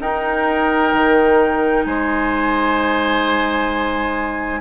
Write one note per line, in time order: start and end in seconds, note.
0.00 0.92 D#4
0.00 4.61 D#4
0.00 1.86 A#4
0.00 1.84 G5
0.93 1.85 D#3
1.84 4.61 G#3
1.84 4.61 C5
1.84 4.61 G#5